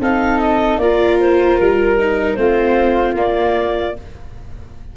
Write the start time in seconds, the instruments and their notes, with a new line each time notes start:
0.00 tuba C4, viola D#4, flute A4, clarinet F5
0.39 clarinet D#5
0.77 tuba A#3, viola F4, flute A#4, clarinet D5
1.20 clarinet C5
1.58 tuba G3, clarinet A#4
1.98 viola D#4
2.34 tuba A3, viola C4, flute F4, clarinet C5
3.15 tuba A#3, viola A#3, clarinet D5